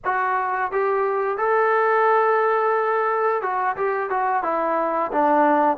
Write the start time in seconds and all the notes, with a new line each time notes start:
0.04 F#4
0.71 G4
1.37 A4
3.42 F#4
3.76 G4
4.09 F#4
4.43 E4
5.11 D4